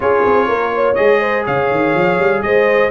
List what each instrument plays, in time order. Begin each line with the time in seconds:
0.00 tuba C#4, trombone F4, horn G#4, trumpet C#5
0.25 tuba C4
0.48 tuba A#3, horn A#4
0.74 horn C#5
0.94 tuba G#3, trombone G#4, trumpet D#5
1.20 horn C5
1.45 tuba C#3, horn C#5, trumpet F5
1.70 tuba D#3
1.94 tuba F3
2.18 tuba G3
2.41 tuba G#3, horn C5, trumpet D#5